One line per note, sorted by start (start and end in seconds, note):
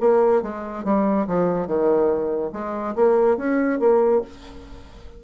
0.00 0.42 A#3
0.42 0.84 G#3
0.84 1.26 G3
1.27 1.67 F3
1.67 2.51 D#3
2.52 2.95 G#3
2.95 3.37 A#3
3.37 3.79 C#4
3.79 4.21 A#3